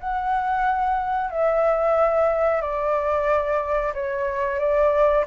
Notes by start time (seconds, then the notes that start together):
0.00 F#5
1.30 E5
2.61 D5
3.94 C#5
4.59 D5